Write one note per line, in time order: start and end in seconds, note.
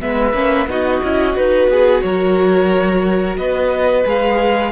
0.00 0.33 G#3
0.00 0.34 B3
0.00 0.69 B4
0.00 0.69 E5
0.33 0.67 A#3
0.33 0.69 C#4
0.67 1.00 B3
0.67 1.03 D#4
0.67 1.71 F#4
0.67 1.36 D#5
1.03 1.37 C#4
1.03 1.33 E4
1.33 1.68 D#4
1.33 4.03 F#4
1.33 2.02 B4
1.68 2.02 B3
1.68 2.04 G#4
2.02 3.37 F#3
2.02 3.38 A#4
2.02 3.37 C#5
3.37 4.05 B3
3.37 4.72 B4
3.37 4.05 D#5
4.06 4.72 G#3
4.06 4.72 G#4
4.06 4.72 F5